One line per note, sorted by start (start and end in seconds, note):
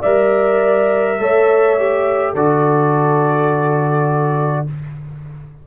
0.00 1.19 G3
0.00 1.19 A#4
0.00 1.15 D5
0.00 2.32 E5
1.19 2.34 A3
1.19 1.77 A4
1.19 2.33 C#5
1.78 2.36 G4
2.33 4.65 D3
2.33 4.66 F#4
2.33 4.64 A4
2.33 4.66 D5